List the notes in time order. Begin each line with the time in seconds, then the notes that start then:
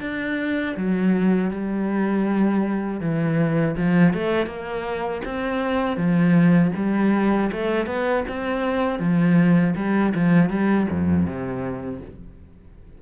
0.00 D4
0.76 F#3
1.50 G3
3.00 E3
3.76 F3
4.13 A3
4.46 A#3
5.25 C4
5.96 F3
6.75 G3
7.52 A3
7.86 B3
8.28 C4
8.99 F3
9.75 G3
10.14 F3
10.49 G3
10.90 F2
11.25 C3